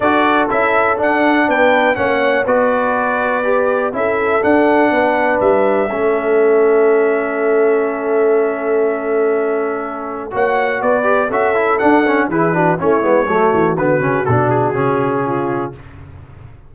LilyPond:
<<
  \new Staff \with { instrumentName = "trumpet" } { \time 4/4 \tempo 4 = 122 d''4 e''4 fis''4 g''4 | fis''4 d''2. | e''4 fis''2 e''4~ | e''1~ |
e''1~ | e''4 fis''4 d''4 e''4 | fis''4 b'4 cis''2 | b'4 a'8 gis'2~ gis'8 | }
  \new Staff \with { instrumentName = "horn" } { \time 4/4 a'2. b'4 | cis''4 b'2. | a'2 b'2 | a'1~ |
a'1~ | a'4 cis''4 b'4 a'4~ | a'4 gis'8 fis'8 e'4 fis'4~ | fis'2. f'4 | }
  \new Staff \with { instrumentName = "trombone" } { \time 4/4 fis'4 e'4 d'2 | cis'4 fis'2 g'4 | e'4 d'2. | cis'1~ |
cis'1~ | cis'4 fis'4. g'8 fis'8 e'8 | d'8 cis'8 e'8 d'8 cis'8 b8 a4 | b8 cis'8 d'4 cis'2 | }
  \new Staff \with { instrumentName = "tuba" } { \time 4/4 d'4 cis'4 d'4 b4 | ais4 b2. | cis'4 d'4 b4 g4 | a1~ |
a1~ | a4 ais4 b4 cis'4 | d'4 e4 a8 gis8 fis8 e8 | d8 cis8 b,4 cis2 | }
>>